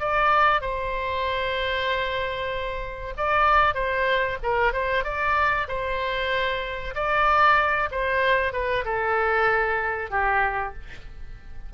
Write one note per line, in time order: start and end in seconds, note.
0.00 0.61 D5
0.61 3.14 C5
3.18 3.75 D5
3.75 4.38 C5
4.43 4.73 A#4
4.73 5.04 C5
5.04 5.67 D5
5.68 6.94 C5
6.95 7.89 D5
7.91 8.53 C5
8.53 8.84 B4
8.85 10.11 A4
10.11 10.74 G4